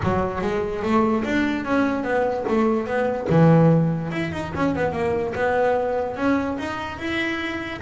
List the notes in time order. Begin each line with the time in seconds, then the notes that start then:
0.03 F#3
0.41 G#3
0.82 A3
1.24 D4
1.65 C#4
2.03 B3
2.48 A3
2.86 B3
3.29 E3
4.11 E4
4.32 D#4
4.55 C#4
4.75 B3
4.92 A#3
5.34 B3
6.16 C#4
6.58 D#4
6.98 E4